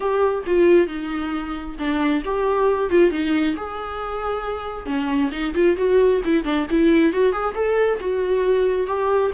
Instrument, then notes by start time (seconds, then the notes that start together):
viola
0.00 G4
0.46 F4
0.87 D#4
1.78 D4
2.24 G4
2.89 F4
3.10 D#4
3.56 G#4
4.86 C#4
5.31 D#4
5.54 F4
5.77 F#4
6.24 E4
6.44 D4
6.70 E4
7.12 F#4
7.32 G#4
7.54 A4
8.00 F#4
8.86 G4